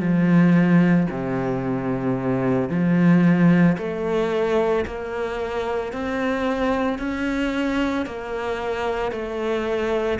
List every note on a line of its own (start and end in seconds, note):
0.00 1.07 F3
1.10 2.69 C3
2.69 3.76 F3
3.78 4.85 A3
4.86 5.93 A#3
5.93 6.98 C4
6.98 8.06 C#4
8.06 9.12 A#3
9.12 10.19 A3